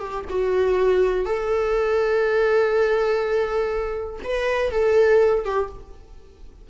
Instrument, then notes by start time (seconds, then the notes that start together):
viola
0.00 G4
0.29 F#4
1.25 A4
4.24 B4
4.71 A4
5.45 G4